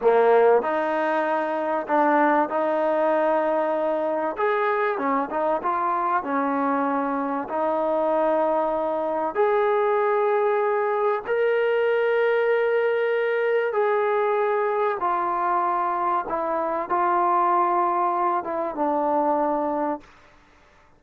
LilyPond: \new Staff \with { instrumentName = "trombone" } { \time 4/4 \tempo 4 = 96 ais4 dis'2 d'4 | dis'2. gis'4 | cis'8 dis'8 f'4 cis'2 | dis'2. gis'4~ |
gis'2 ais'2~ | ais'2 gis'2 | f'2 e'4 f'4~ | f'4. e'8 d'2 | }